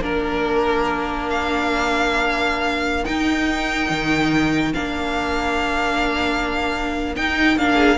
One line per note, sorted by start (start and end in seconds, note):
0.00 3.04 A#3
0.00 3.06 D4
0.00 7.75 A#4
0.00 1.29 A#4
1.29 3.05 F5
3.05 4.73 D#4
3.05 3.90 D#4
3.05 4.72 G5
3.90 4.73 D#3
4.74 7.16 A#3
4.74 7.15 D4
4.74 7.15 F5
7.16 7.57 D#4
7.16 7.58 D#4
7.16 7.58 G5
7.57 7.97 A#3
7.57 7.97 D4
7.57 7.97 F5
7.75 7.96 G#4